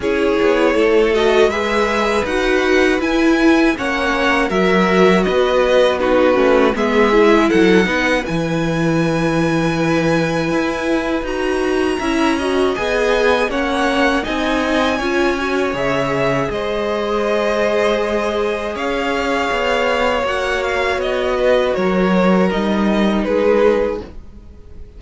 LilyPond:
<<
  \new Staff \with { instrumentName = "violin" } { \time 4/4 \tempo 4 = 80 cis''4. dis''8 e''4 fis''4 | gis''4 fis''4 e''4 dis''4 | b'4 e''4 fis''4 gis''4~ | gis''2. ais''4~ |
ais''4 gis''4 fis''4 gis''4~ | gis''4 e''4 dis''2~ | dis''4 f''2 fis''8 f''8 | dis''4 cis''4 dis''4 b'4 | }
  \new Staff \with { instrumentName = "violin" } { \time 4/4 gis'4 a'4 b'2~ | b'4 cis''4 ais'4 b'4 | fis'4 gis'4 a'8 b'4.~ | b'1 |
e''8 dis''4. cis''4 dis''4 | cis''2 c''2~ | c''4 cis''2.~ | cis''8 b'8 ais'2 gis'4 | }
  \new Staff \with { instrumentName = "viola" } { \time 4/4 e'4. fis'8 gis'4 fis'4 | e'4 cis'4 fis'2 | dis'8 cis'8 b8 e'4 dis'8 e'4~ | e'2. fis'4 |
e'8 fis'8 gis'4 cis'4 dis'4 | f'8 fis'8 gis'2.~ | gis'2. fis'4~ | fis'2 dis'2 | }
  \new Staff \with { instrumentName = "cello" } { \time 4/4 cis'8 b8 a4 gis4 dis'4 | e'4 ais4 fis4 b4~ | b8 a8 gis4 fis8 b8 e4~ | e2 e'4 dis'4 |
cis'4 b4 ais4 c'4 | cis'4 cis4 gis2~ | gis4 cis'4 b4 ais4 | b4 fis4 g4 gis4 | }
>>